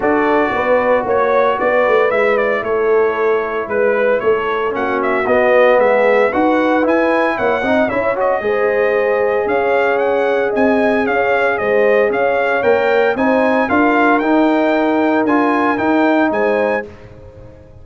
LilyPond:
<<
  \new Staff \with { instrumentName = "trumpet" } { \time 4/4 \tempo 4 = 114 d''2 cis''4 d''4 | e''8 d''8 cis''2 b'4 | cis''4 fis''8 e''8 dis''4 e''4 | fis''4 gis''4 fis''4 e''8 dis''8~ |
dis''2 f''4 fis''4 | gis''4 f''4 dis''4 f''4 | g''4 gis''4 f''4 g''4~ | g''4 gis''4 g''4 gis''4 | }
  \new Staff \with { instrumentName = "horn" } { \time 4/4 a'4 b'4 cis''4 b'4~ | b'4 a'2 b'4 | a'4 fis'2 gis'4 | b'2 cis''8 dis''8 cis''4 |
c''2 cis''2 | dis''4 cis''4 c''4 cis''4~ | cis''4 c''4 ais'2~ | ais'2. c''4 | }
  \new Staff \with { instrumentName = "trombone" } { \time 4/4 fis'1 | e'1~ | e'4 cis'4 b2 | fis'4 e'4. dis'8 e'8 fis'8 |
gis'1~ | gis'1 | ais'4 dis'4 f'4 dis'4~ | dis'4 f'4 dis'2 | }
  \new Staff \with { instrumentName = "tuba" } { \time 4/4 d'4 b4 ais4 b8 a8 | gis4 a2 gis4 | a4 ais4 b4 gis4 | dis'4 e'4 ais8 c'8 cis'4 |
gis2 cis'2 | c'4 cis'4 gis4 cis'4 | ais4 c'4 d'4 dis'4~ | dis'4 d'4 dis'4 gis4 | }
>>